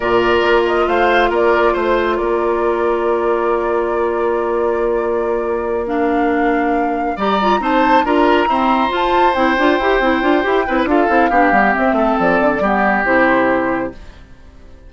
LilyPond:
<<
  \new Staff \with { instrumentName = "flute" } { \time 4/4 \tempo 4 = 138 d''4. dis''8 f''4 d''4 | c''4 d''2.~ | d''1~ | d''4. f''2~ f''8~ |
f''8 ais''4 a''4 ais''4.~ | ais''8 a''4 g''2~ g''8~ | g''4 f''2 e''4 | d''2 c''2 | }
  \new Staff \with { instrumentName = "oboe" } { \time 4/4 ais'2 c''4 ais'4 | c''4 ais'2.~ | ais'1~ | ais'1~ |
ais'8 d''4 c''4 ais'4 c''8~ | c''1~ | c''8 b'8 a'4 g'4. a'8~ | a'4 g'2. | }
  \new Staff \with { instrumentName = "clarinet" } { \time 4/4 f'1~ | f'1~ | f'1~ | f'4. d'2~ d'8~ |
d'8 g'8 f'8 dis'4 f'4 c'8~ | c'8 f'4 e'8 f'8 g'8 e'8 f'8 | g'8 e'8 f'8 e'8 d'8 b8 c'4~ | c'4 b4 e'2 | }
  \new Staff \with { instrumentName = "bassoon" } { \time 4/4 ais,4 ais4 a4 ais4 | a4 ais2.~ | ais1~ | ais1~ |
ais8 g4 c'4 d'4 e'8~ | e'8 f'4 c'8 d'8 e'8 c'8 d'8 | e'8 c'8 d'8 c'8 b8 g8 c'8 a8 | f8 d8 g4 c2 | }
>>